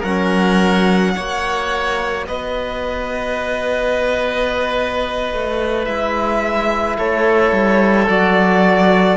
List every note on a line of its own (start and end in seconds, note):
0.00 1.15 F#3
0.00 1.16 C#4
0.00 1.11 A#4
0.00 2.25 F#5
1.15 2.28 A#3
1.15 5.87 F#4
1.15 2.26 C#5
2.27 5.33 B3
2.27 6.98 B4
2.27 5.85 D#5
5.33 5.87 A3
5.85 6.98 G#3
5.85 8.10 E4
5.85 6.96 E5
6.98 7.52 A3
6.98 9.17 A4
6.98 8.09 C#5
7.52 8.07 G3
8.08 9.17 F#3
8.08 9.17 F#4
8.08 9.17 D5